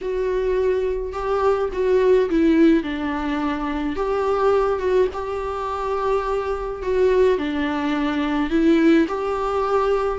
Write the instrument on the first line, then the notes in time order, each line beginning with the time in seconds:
viola
0.01 F#4
1.12 G4
1.72 F#4
2.29 E4
2.83 D4
3.96 G4
4.79 F#4
5.13 G4
6.82 F#4
7.38 D4
8.50 E4
9.07 G4